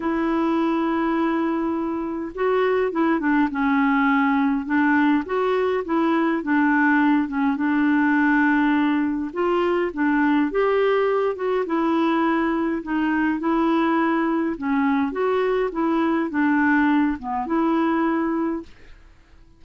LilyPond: \new Staff \with { instrumentName = "clarinet" } { \time 4/4 \tempo 4 = 103 e'1 | fis'4 e'8 d'8 cis'2 | d'4 fis'4 e'4 d'4~ | d'8 cis'8 d'2. |
f'4 d'4 g'4. fis'8 | e'2 dis'4 e'4~ | e'4 cis'4 fis'4 e'4 | d'4. b8 e'2 | }